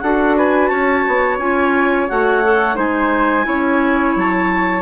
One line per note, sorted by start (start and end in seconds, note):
0.00 0.70 D4
0.00 1.40 F#4
0.00 0.37 A4
0.00 0.34 F#5
0.37 0.69 B4
0.37 0.67 G#5
0.67 1.05 C#4
0.67 2.76 C#5
0.67 1.36 A5
1.07 1.38 B3
1.38 2.07 C#4
1.38 2.08 F4
1.38 2.08 G#5
2.08 2.77 A3
2.08 2.43 F#4
2.08 2.77 F#5
2.43 2.75 A4
2.75 3.46 G#3
2.75 3.43 D#4
2.75 3.45 C5
2.75 4.16 G#5
3.43 4.15 C#4
3.43 4.81 E4
3.43 4.82 C#5
4.16 4.82 F#3
4.16 4.82 A5